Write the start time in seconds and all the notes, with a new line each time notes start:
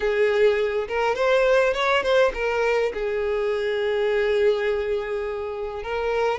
0.00 G#4
0.88 A#4
1.15 C5
1.73 C#5
2.02 C5
2.34 A#4
2.93 G#4
5.83 A#4